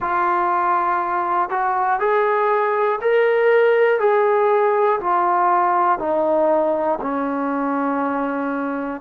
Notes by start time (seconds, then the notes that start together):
0.00 F4
1.49 F#4
1.99 G#4
3.01 A#4
3.99 G#4
5.00 F4
5.99 D#4
7.01 C#4